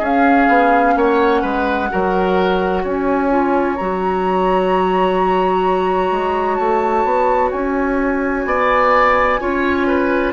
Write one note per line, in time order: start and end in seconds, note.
0.00 0.47 C#4
0.00 1.90 C#4
0.00 0.94 G#4
0.00 0.98 F5
0.49 0.96 B3
0.96 1.43 A#3
0.96 1.42 C#5
0.96 2.86 F#5
1.42 1.90 G#3
1.42 1.89 B4
1.90 2.85 F#3
1.90 3.30 F#4
1.90 2.83 A#4
2.83 3.78 C#4
2.83 8.46 C#5
2.83 3.77 G#5
3.30 3.77 F4
3.77 6.12 F#3
3.77 9.41 F#4
3.77 6.56 A#5
6.12 6.59 G#3
6.56 7.05 A3
6.56 7.50 A5
7.05 7.52 B3
7.52 8.46 C#4
7.52 10.33 G#5
8.46 9.40 B3
8.46 9.41 D5
9.41 10.34 C#4
9.41 10.34 F4
9.41 9.88 C#5
9.88 10.34 B4